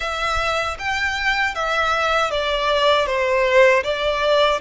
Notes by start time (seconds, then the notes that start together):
0.00 E5
0.79 G5
1.55 E5
2.30 D5
3.06 C5
3.83 D5